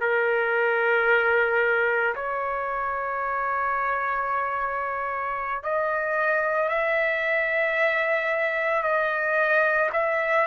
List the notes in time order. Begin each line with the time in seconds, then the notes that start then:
0.00 A#4
2.15 C#5
5.63 D#5
6.68 E5
8.82 D#5
9.93 E5